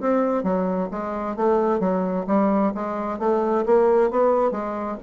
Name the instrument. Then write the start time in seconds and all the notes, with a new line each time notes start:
bassoon
0.00 C4
0.43 F#3
0.91 G#3
1.36 A3
1.80 F#3
2.27 G3
2.74 G#3
3.19 A3
3.66 A#3
4.11 B3
4.51 G#3